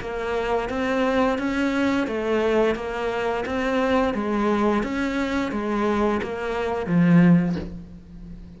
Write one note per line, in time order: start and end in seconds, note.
0.00 0.69 A#3
0.69 1.38 C4
1.38 2.07 C#4
2.07 2.75 A3
2.75 3.44 A#3
3.45 4.14 C4
4.14 4.83 G#3
4.83 5.51 C#4
5.51 6.20 G#3
6.22 6.86 A#3
6.86 7.55 F3